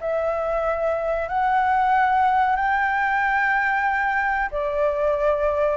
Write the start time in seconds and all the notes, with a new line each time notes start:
0.00 E5
1.28 F#5
2.56 G5
4.51 D5